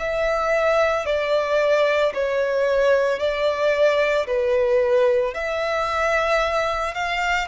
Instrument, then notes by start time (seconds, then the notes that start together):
violin
0.00 E5
1.06 D5
2.15 C#5
3.19 D5
4.27 B4
5.35 E5
6.95 F5